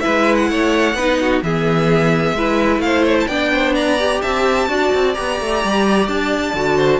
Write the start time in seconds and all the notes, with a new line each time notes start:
0.00 G#3 E4 B4 E5
0.35 F#5
0.50 A3 C#5
0.94 B3 D#4 B4
1.20 F#4
1.42 E3 B3 G#4 E5
2.32 G#3 E4 B4
2.78 A3 F5
2.85 C5
3.05 C#5
3.20 A5
3.27 B3 D4 D5 G5
3.53 C5
3.74 D5 A#5
3.99 G4
4.21 C4 E5 A5
4.68 D4 F#4 D5
4.93 C4
5.14 B3 G4 A#5
5.40 A3
5.63 G3
6.07 D4 A5
6.53 D3 F#4
6.76 C5